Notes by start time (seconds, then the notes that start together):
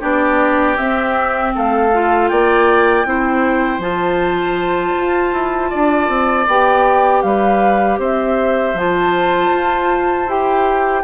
0.00 B3 D4 G4 D5
0.77 C4 E5
1.55 A3 A4 F5
1.93 F4
2.28 A#3 D5 G5
3.05 C4 E4 C5
3.78 F3 F4 A5
4.97 F4
5.33 E4
5.70 D4 D5
6.08 C4
6.47 B3 G4 G5
7.22 G3 B4 F5
7.98 C4 C5 E5
8.74 F3 F4 A5
9.53 F4
10.27 E4 G4 G5